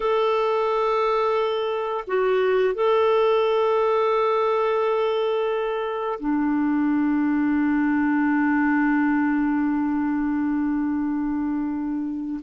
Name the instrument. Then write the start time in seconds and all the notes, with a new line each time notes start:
clarinet
0.00 A4
2.07 F#4
2.74 A4
6.19 D4